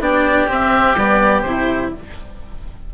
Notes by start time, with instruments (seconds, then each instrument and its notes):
0.00 bassoon B3, cello D4, oboe G4 D5
0.48 cello C4, bassoon C4, oboe E5
0.97 bassoon G3, cello B3, oboe D5
1.42 bassoon C3, cello E4, oboe C5